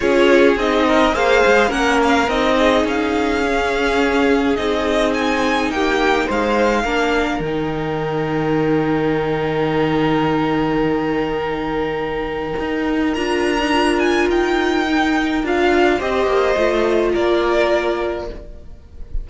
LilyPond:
<<
  \new Staff \with { instrumentName = "violin" } { \time 4/4 \tempo 4 = 105 cis''4 dis''4 f''4 fis''8 f''8 | dis''4 f''2. | dis''4 gis''4 g''4 f''4~ | f''4 g''2.~ |
g''1~ | g''2. ais''4~ | ais''8 gis''8 g''2 f''4 | dis''2 d''2 | }
  \new Staff \with { instrumentName = "violin" } { \time 4/4 gis'4. ais'8 c''4 ais'4~ | ais'8 gis'2.~ gis'8~ | gis'2 g'4 c''4 | ais'1~ |
ais'1~ | ais'1~ | ais'1 | c''2 ais'2 | }
  \new Staff \with { instrumentName = "viola" } { \time 4/4 f'4 dis'4 gis'4 cis'4 | dis'2 cis'2 | dis'1 | d'4 dis'2.~ |
dis'1~ | dis'2. f'8. dis'16 | f'2 dis'4 f'4 | g'4 f'2. | }
  \new Staff \with { instrumentName = "cello" } { \time 4/4 cis'4 c'4 ais8 gis8 ais4 | c'4 cis'2. | c'2 ais4 gis4 | ais4 dis2.~ |
dis1~ | dis2 dis'4 d'4~ | d'4 dis'2 d'4 | c'8 ais8 a4 ais2 | }
>>